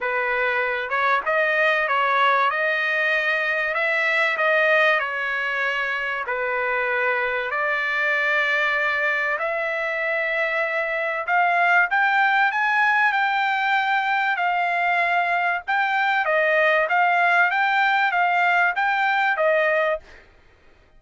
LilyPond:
\new Staff \with { instrumentName = "trumpet" } { \time 4/4 \tempo 4 = 96 b'4. cis''8 dis''4 cis''4 | dis''2 e''4 dis''4 | cis''2 b'2 | d''2. e''4~ |
e''2 f''4 g''4 | gis''4 g''2 f''4~ | f''4 g''4 dis''4 f''4 | g''4 f''4 g''4 dis''4 | }